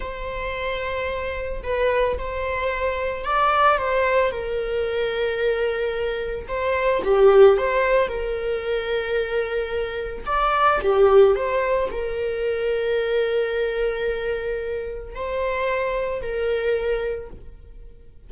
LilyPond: \new Staff \with { instrumentName = "viola" } { \time 4/4 \tempo 4 = 111 c''2. b'4 | c''2 d''4 c''4 | ais'1 | c''4 g'4 c''4 ais'4~ |
ais'2. d''4 | g'4 c''4 ais'2~ | ais'1 | c''2 ais'2 | }